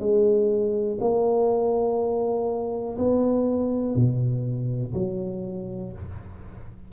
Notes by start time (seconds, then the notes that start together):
0.00 G#3
1.01 A#3
2.99 B3
3.96 B2
4.94 F#3